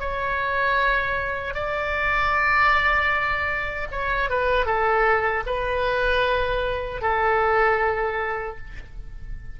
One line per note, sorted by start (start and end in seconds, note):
0.00 1.54 C#5
1.54 3.88 D5
3.92 4.30 C#5
4.30 4.66 B4
4.66 5.44 A4
5.46 7.02 B4
7.02 8.57 A4